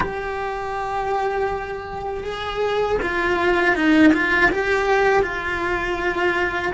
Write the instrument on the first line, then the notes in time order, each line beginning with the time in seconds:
cello
0.00 G4
2.23 G#4
3.01 F4
3.75 D#4
4.13 F4
4.51 G4
5.22 F4